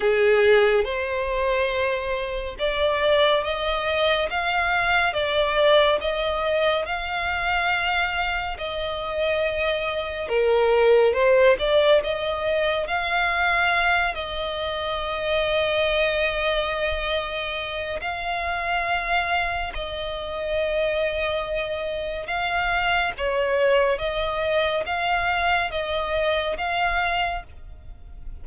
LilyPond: \new Staff \with { instrumentName = "violin" } { \time 4/4 \tempo 4 = 70 gis'4 c''2 d''4 | dis''4 f''4 d''4 dis''4 | f''2 dis''2 | ais'4 c''8 d''8 dis''4 f''4~ |
f''8 dis''2.~ dis''8~ | dis''4 f''2 dis''4~ | dis''2 f''4 cis''4 | dis''4 f''4 dis''4 f''4 | }